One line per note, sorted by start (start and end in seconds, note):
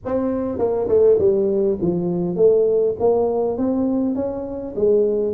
0.05 0.58 C4
0.58 0.88 A#3
0.88 1.18 A3
1.19 1.78 G3
1.81 2.35 F3
2.35 2.95 A3
2.99 3.57 A#3
3.57 4.15 C4
4.15 4.74 C#4
4.75 5.33 G#3